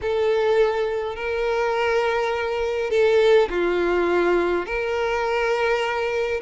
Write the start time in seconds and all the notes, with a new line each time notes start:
0.01 A4
1.15 A#4
2.90 A4
3.50 F4
4.65 A#4